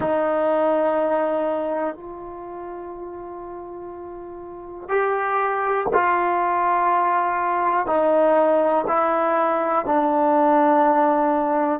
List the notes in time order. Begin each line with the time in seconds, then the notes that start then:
0.00 D#4
1.94 F4
4.88 G4
5.93 F4
7.86 D#4
8.87 E4
9.85 D4